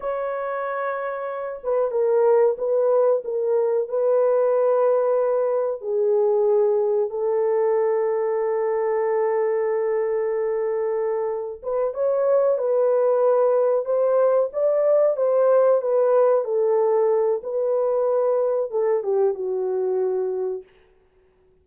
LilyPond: \new Staff \with { instrumentName = "horn" } { \time 4/4 \tempo 4 = 93 cis''2~ cis''8 b'8 ais'4 | b'4 ais'4 b'2~ | b'4 gis'2 a'4~ | a'1~ |
a'2 b'8 cis''4 b'8~ | b'4. c''4 d''4 c''8~ | c''8 b'4 a'4. b'4~ | b'4 a'8 g'8 fis'2 | }